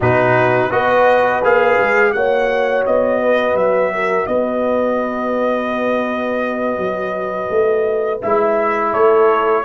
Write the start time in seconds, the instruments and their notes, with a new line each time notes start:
0.00 tuba B2, trombone D#4, horn F#4, trumpet B4
0.70 tuba B3, trombone F#4, horn B4, trumpet D#5
1.43 tuba A#3, trombone G#4, trumpet F5
1.80 tuba G#3
2.12 tuba A#3, trombone F#4, horn C#5, trumpet F#5
2.86 tuba B3, trumpet D#5
3.22 horn B4
3.54 tuba F#3, trumpet E5
3.94 horn A#4
4.26 tuba B3, horn B4, trumpet D#5
6.77 tuba F#3
7.49 tuba A3
8.22 tuba G#3, trombone E4, trumpet E5
8.91 tuba A3, horn A4, trumpet C#5